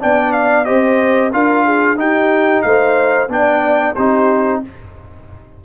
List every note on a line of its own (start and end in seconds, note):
0.00 0.70 B3
0.00 0.66 D4
0.00 0.67 D5
0.00 0.32 G5
0.32 0.65 F5
0.65 1.34 C4
0.65 1.31 G4
0.65 1.33 C5
0.65 1.31 D#5
1.33 1.95 D4
1.33 1.97 F4
1.33 1.66 A#4
1.33 1.99 F5
1.66 1.98 G#4
1.95 2.61 D#4
1.95 3.29 D#4
1.95 2.65 G4
1.95 2.62 G5
2.62 3.28 A3
2.62 3.31 C5
2.62 3.28 F5
3.28 3.94 B3
3.28 3.96 D4
3.28 3.96 D5
3.28 3.96 G5
3.96 4.64 C4
3.96 4.65 D#4
3.96 4.62 G4
3.96 4.62 C5